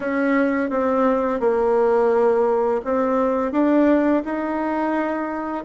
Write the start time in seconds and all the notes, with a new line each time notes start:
0.00 C#4
0.70 C4
1.40 A#3
2.84 C4
3.52 D4
4.24 D#4